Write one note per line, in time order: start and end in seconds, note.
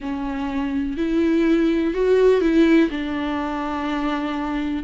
0.00 0.97 C#4
0.97 1.94 E4
1.94 2.41 F#4
2.41 2.89 E4
2.90 4.83 D4